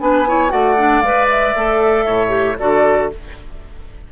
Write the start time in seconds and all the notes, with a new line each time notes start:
0.00 B3 D4 B4 G#5
0.28 E4 C#5
0.49 A3 F#4 D5 F#5
0.78 D4
1.01 G#3 B4 F5
1.30 E5
1.55 A3 A4
2.06 A2 C#5
2.29 G4
2.58 D3 F#4 A4 D5